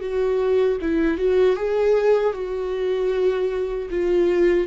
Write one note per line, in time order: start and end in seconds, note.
0.00 0.78 F#4
0.81 1.17 E4
1.17 1.56 F#4
1.56 2.33 G#4
2.33 3.89 F#4
3.90 4.67 F4